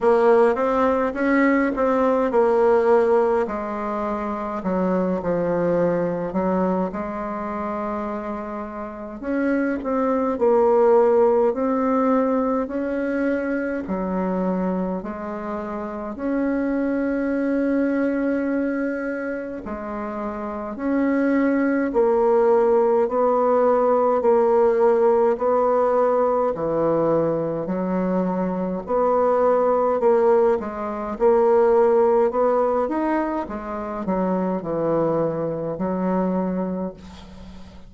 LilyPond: \new Staff \with { instrumentName = "bassoon" } { \time 4/4 \tempo 4 = 52 ais8 c'8 cis'8 c'8 ais4 gis4 | fis8 f4 fis8 gis2 | cis'8 c'8 ais4 c'4 cis'4 | fis4 gis4 cis'2~ |
cis'4 gis4 cis'4 ais4 | b4 ais4 b4 e4 | fis4 b4 ais8 gis8 ais4 | b8 dis'8 gis8 fis8 e4 fis4 | }